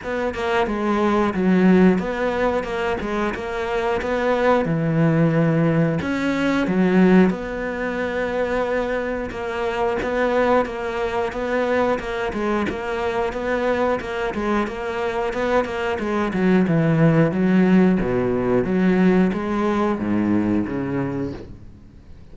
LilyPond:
\new Staff \with { instrumentName = "cello" } { \time 4/4 \tempo 4 = 90 b8 ais8 gis4 fis4 b4 | ais8 gis8 ais4 b4 e4~ | e4 cis'4 fis4 b4~ | b2 ais4 b4 |
ais4 b4 ais8 gis8 ais4 | b4 ais8 gis8 ais4 b8 ais8 | gis8 fis8 e4 fis4 b,4 | fis4 gis4 gis,4 cis4 | }